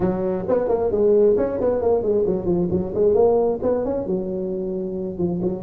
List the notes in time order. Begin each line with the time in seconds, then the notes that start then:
0.00 F#3
0.48 B3
0.68 A#3
0.91 G#3
1.37 C#4
1.60 B3
1.81 A#3
2.02 G#3
2.26 F#3
2.45 F3
2.70 F#3
2.94 G#3
3.14 A#3
3.62 B3
3.84 C#4
4.06 F#3
5.18 F3
5.42 F#3